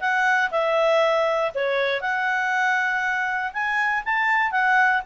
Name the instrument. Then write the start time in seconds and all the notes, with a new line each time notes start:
clarinet
0.00 F#5
0.51 E5
1.54 C#5
2.01 F#5
3.53 G#5
4.05 A5
4.51 F#5